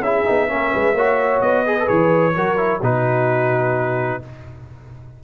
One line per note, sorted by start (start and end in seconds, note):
0.00 0.23 C#4
0.00 0.25 E4
0.00 0.49 G#4
0.00 1.41 E5
0.25 0.49 B3
0.25 0.47 D#4
0.47 0.73 A#3
0.47 0.94 C#4
0.47 0.72 A#4
0.72 0.94 G#3
0.72 0.94 B4
0.94 1.41 A#3
0.94 1.66 F#4
0.94 1.64 C#5
1.41 1.87 B3
1.41 1.87 D#5
1.66 1.78 G#4
1.66 2.35 B4
1.79 1.85 A4
1.85 2.36 E3
1.85 2.31 G#4
1.85 2.80 C#5
2.35 2.81 F#3
2.35 2.57 F#4
2.35 2.81 A#4
2.57 2.80 E4
2.81 4.21 B2
2.81 4.22 D#4
2.81 4.22 F#4
2.81 4.23 B4